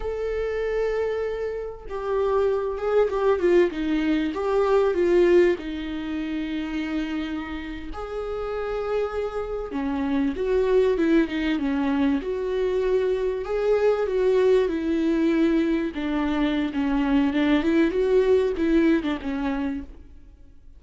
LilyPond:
\new Staff \with { instrumentName = "viola" } { \time 4/4 \tempo 4 = 97 a'2. g'4~ | g'8 gis'8 g'8 f'8 dis'4 g'4 | f'4 dis'2.~ | dis'8. gis'2. cis'16~ |
cis'8. fis'4 e'8 dis'8 cis'4 fis'16~ | fis'4.~ fis'16 gis'4 fis'4 e'16~ | e'4.~ e'16 d'4~ d'16 cis'4 | d'8 e'8 fis'4 e'8. d'16 cis'4 | }